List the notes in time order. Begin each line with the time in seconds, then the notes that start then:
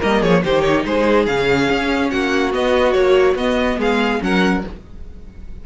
0.00 G3 A#3 A#4 D#5
0.21 F3 G#4 C#5
0.44 D#3 D#4 G4 C5
0.62 C#5
0.85 G#3 G#4 C5
1.26 C#3 C#4 F5
1.70 C#4
2.10 A#3 F#4 F#5
2.53 B3 D#5
2.93 F#3 A#3 C#5
3.34 B3 D#5
3.78 G#3 G#4 F5
4.20 F#3 C#4 A#4 F#5